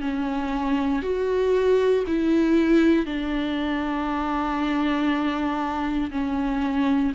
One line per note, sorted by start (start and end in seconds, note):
0.00 1.02 C#4
1.02 2.04 F#4
2.07 3.06 E4
3.06 6.11 D4
6.11 7.12 C#4